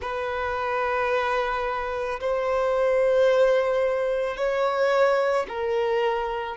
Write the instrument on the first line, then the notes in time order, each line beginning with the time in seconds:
violin
0.01 B4
2.20 C5
4.36 C#5
5.48 A#4